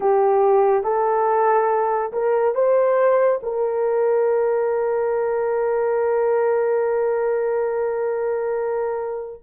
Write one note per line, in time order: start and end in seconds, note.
0.00 0.83 G4
0.83 2.12 A4
2.12 2.54 A#4
2.54 3.40 C5
3.42 9.42 A#4